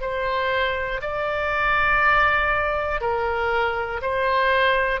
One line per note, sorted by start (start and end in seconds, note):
0.00 1.00 C5
1.00 3.00 D5
3.00 4.00 A#4
4.01 5.00 C5